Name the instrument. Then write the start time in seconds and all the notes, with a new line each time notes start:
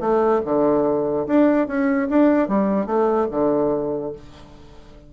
bassoon
0.00 A3
0.45 D3
1.27 D4
1.67 C#4
2.09 D4
2.48 G3
2.86 A3
3.31 D3